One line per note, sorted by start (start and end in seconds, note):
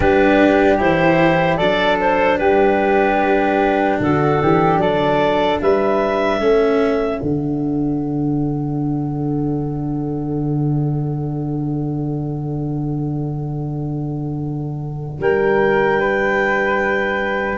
0.00 0.81 G3
0.00 0.78 D4
0.00 1.57 G4
0.00 0.77 B4
0.78 1.59 E3
0.78 1.58 E4
0.78 1.57 C5
1.57 2.39 F#3
1.57 6.40 D4
1.57 2.37 A4
1.57 1.97 D5
2.00 2.38 C5
2.38 3.99 G3
2.38 3.99 G4
2.38 3.98 B4
4.00 4.40 D3
4.00 4.41 F#4
4.00 4.79 A4
4.42 4.77 E3
4.42 4.81 G4
4.77 5.57 F#3
4.77 5.61 A4
4.77 5.59 D5
5.61 6.39 G3
5.61 6.39 B4
5.61 7.19 E5
6.39 7.19 A3
6.39 7.20 C#4
6.39 15.19 A4
7.19 15.19 D3
7.19 17.57 D4
7.19 15.19 F#5
15.19 17.57 G3
15.19 16.00 A#4
15.19 17.57 G5
16.00 17.57 B4